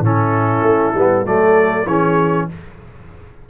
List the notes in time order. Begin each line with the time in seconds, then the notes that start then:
0.00 A2 C#4 E4 A4
0.62 A3
0.94 G3 B3
1.24 F#3 A3 A4 D5
1.85 E3 C#4 G#4 C#5